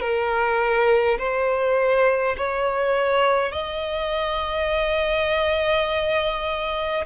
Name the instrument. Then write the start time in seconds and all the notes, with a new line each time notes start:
violin
0.00 A#4
1.18 C5
2.37 C#5
3.52 D#5